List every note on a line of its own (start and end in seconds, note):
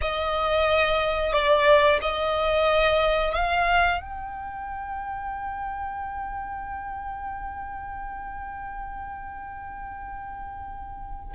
0.01 1.32 D#5
1.32 1.99 D5
2.01 3.34 D#5
3.34 4.00 F5
4.00 11.34 G5